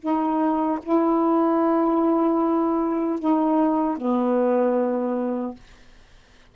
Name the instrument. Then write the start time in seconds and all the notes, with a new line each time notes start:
saxophone
0.00 D#4
0.83 E4
3.20 D#4
3.98 B3